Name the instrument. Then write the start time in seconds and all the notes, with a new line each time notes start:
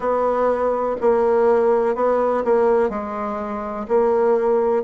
bassoon
0.00 B3
1.00 A#3
1.95 B3
2.44 A#3
2.89 G#3
3.88 A#3